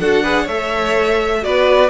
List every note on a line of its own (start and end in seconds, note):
0.00 0.48 D4
0.00 0.24 F#4
0.00 0.23 A4
0.00 0.48 F#5
0.23 0.48 G#4
0.23 0.43 B4
0.43 1.44 A3
0.43 1.42 A4
0.43 1.39 C#5
0.43 1.44 E5
1.42 1.90 B3
1.42 1.90 F#4
1.42 1.90 B4
1.42 1.90 D5